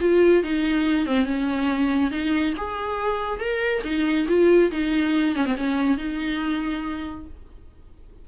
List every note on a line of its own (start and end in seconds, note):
0.00 0.43 F4
0.43 1.06 D#4
1.06 1.25 C4
1.25 2.10 C#4
2.11 2.54 D#4
2.57 3.39 G#4
3.39 3.82 A#4
3.84 4.26 D#4
4.28 4.71 F4
4.71 5.35 D#4
5.35 5.45 C#4
5.45 5.56 C4
5.57 5.97 C#4
5.97 7.25 D#4